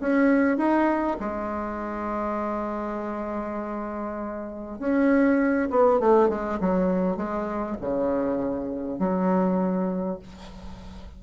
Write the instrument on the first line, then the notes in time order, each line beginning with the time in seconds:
bassoon
0.00 C#4
0.57 D#4
1.19 G#3
4.79 C#4
5.70 B3
5.99 A3
6.29 G#3
6.60 F#3
7.16 G#3
7.81 C#3
8.99 F#3